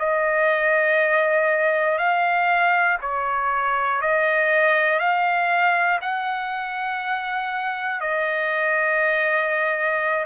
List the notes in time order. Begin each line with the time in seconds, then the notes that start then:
0.00 D#5
1.99 F5
3.02 C#5
4.02 D#5
5.00 F5
6.02 F#5
8.01 D#5